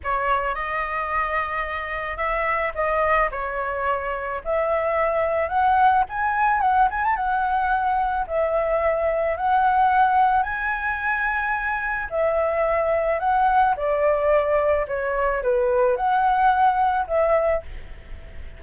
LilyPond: \new Staff \with { instrumentName = "flute" } { \time 4/4 \tempo 4 = 109 cis''4 dis''2. | e''4 dis''4 cis''2 | e''2 fis''4 gis''4 | fis''8 gis''16 a''16 fis''2 e''4~ |
e''4 fis''2 gis''4~ | gis''2 e''2 | fis''4 d''2 cis''4 | b'4 fis''2 e''4 | }